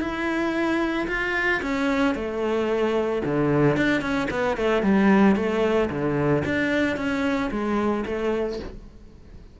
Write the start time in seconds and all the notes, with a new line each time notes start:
0.00 E4
1.07 F4
1.62 C#4
2.15 A3
3.24 D3
3.76 D4
4.01 C#4
4.30 B3
4.57 A3
4.82 G3
5.35 A3
5.90 D3
6.45 D4
6.96 C#4
7.50 G#3
8.06 A3